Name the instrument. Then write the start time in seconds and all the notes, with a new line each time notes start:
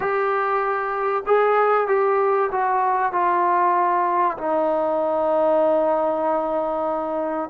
trombone
0.00 G4
1.26 G#4
1.88 G4
2.51 F#4
3.12 F4
4.37 D#4